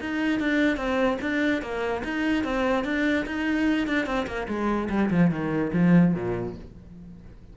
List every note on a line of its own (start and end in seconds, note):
0.00 0.39 D#4
0.39 0.77 D4
0.77 1.18 C4
1.21 1.62 D4
1.62 2.03 A#3
2.04 2.44 D#4
2.44 2.84 C4
2.84 3.25 D4
3.26 3.87 D#4
3.87 4.06 D4
4.06 4.26 C4
4.26 4.47 A#3
4.48 4.89 G#3
4.89 5.10 G3
5.10 5.31 F3
5.31 5.72 D#3
5.73 6.14 F3
6.14 6.55 A#2